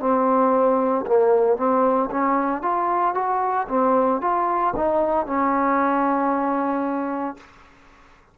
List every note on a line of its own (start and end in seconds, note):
0.00 1.05 C4
1.07 1.57 A#3
1.57 2.10 C4
2.11 2.62 C#4
2.62 3.14 F4
3.14 3.67 F#4
3.68 4.21 C4
4.21 4.74 F4
4.76 5.26 D#4
5.26 7.37 C#4